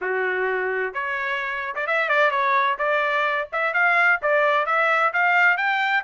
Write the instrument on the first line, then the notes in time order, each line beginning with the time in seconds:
trumpet
0.01 F#4
0.93 C#5
1.75 D5
1.86 E5
2.08 D5
2.30 C#5
2.78 D5
3.52 E5
3.73 F5
4.22 D5
4.66 E5
5.13 F5
5.57 G5